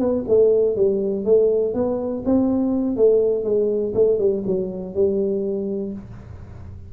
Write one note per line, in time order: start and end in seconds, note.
0.00 0.25 B3
0.29 0.76 A3
0.76 1.25 G3
1.25 1.74 A3
1.74 2.24 B3
2.26 2.97 C4
2.97 3.44 A3
3.44 3.94 G#3
3.95 4.19 A3
4.19 4.44 G3
4.47 4.95 F#3
4.95 5.93 G3